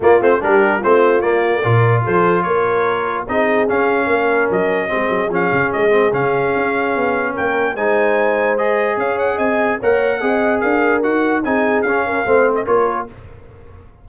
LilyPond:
<<
  \new Staff \with { instrumentName = "trumpet" } { \time 4/4 \tempo 4 = 147 d''8 c''8 ais'4 c''4 d''4~ | d''4 c''4 cis''2 | dis''4 f''2 dis''4~ | dis''4 f''4 dis''4 f''4~ |
f''2 g''4 gis''4~ | gis''4 dis''4 f''8 fis''8 gis''4 | fis''2 f''4 fis''4 | gis''4 f''4.~ f''16 dis''16 cis''4 | }
  \new Staff \with { instrumentName = "horn" } { \time 4/4 f'4 g'4 f'2 | ais'4 a'4 ais'2 | gis'2 ais'2 | gis'1~ |
gis'2 ais'4 c''4~ | c''2 cis''4 dis''4 | cis''4 dis''4 ais'2 | gis'4. ais'8 c''4 ais'4 | }
  \new Staff \with { instrumentName = "trombone" } { \time 4/4 ais8 c'8 d'4 c'4 ais4 | f'1 | dis'4 cis'2. | c'4 cis'4. c'8 cis'4~ |
cis'2. dis'4~ | dis'4 gis'2. | ais'4 gis'2 fis'4 | dis'4 cis'4 c'4 f'4 | }
  \new Staff \with { instrumentName = "tuba" } { \time 4/4 ais8 a8 g4 a4 ais4 | ais,4 f4 ais2 | c'4 cis'4 ais4 fis4 | gis8 fis8 f8 cis8 gis4 cis4 |
cis'4 b4 ais4 gis4~ | gis2 cis'4 c'4 | ais4 c'4 d'4 dis'4 | c'4 cis'4 a4 ais4 | }
>>